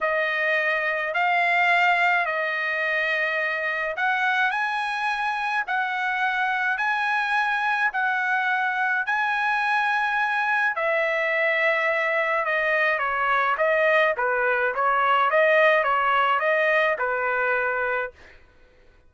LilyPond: \new Staff \with { instrumentName = "trumpet" } { \time 4/4 \tempo 4 = 106 dis''2 f''2 | dis''2. fis''4 | gis''2 fis''2 | gis''2 fis''2 |
gis''2. e''4~ | e''2 dis''4 cis''4 | dis''4 b'4 cis''4 dis''4 | cis''4 dis''4 b'2 | }